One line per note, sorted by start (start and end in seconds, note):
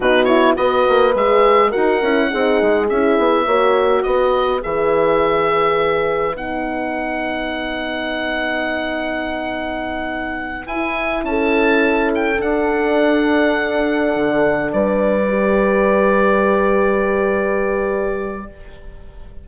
0.00 0.56 B2
0.00 0.27 D#4
0.00 0.56 F#4
0.00 0.24 B4
0.24 0.55 E4
0.24 0.53 C#5
0.55 0.85 B3
0.55 1.13 F#4
0.55 1.69 B4
0.55 1.14 D#5
0.88 1.14 A#3
1.14 1.72 G#3
1.14 1.72 G#4
1.14 1.71 E5
1.69 2.01 F#4
1.69 2.27 A#4
1.69 2.87 F#5
1.76 2.02 D#4
2.02 2.30 C#4
2.02 2.30 E4
2.30 2.61 C4
2.30 2.88 D#4
2.30 3.45 G#4
2.61 2.90 G#3
2.89 3.18 C#4
2.89 3.46 E4
2.89 4.03 E5
3.18 3.46 B3
3.45 4.04 A#3
3.45 4.61 F#4
3.45 4.03 C#5
4.03 4.63 B3
4.03 11.24 B4
4.03 4.60 D#5
4.61 6.35 E3
4.61 6.34 G#4
4.61 6.36 E5
6.34 10.66 B3
6.34 10.67 D#4
6.34 10.66 F#5
10.66 11.23 E4
10.66 12.36 E4
10.66 11.24 G#5
11.23 12.38 C#4
11.23 14.73 A4
11.23 12.11 A5
12.14 12.41 G5
12.36 15.25 D4
12.36 14.72 F#5
12.43 14.15 D4
14.15 14.72 D3
14.72 18.47 G3
14.72 18.48 B4
14.72 18.47 D5
15.28 18.45 G4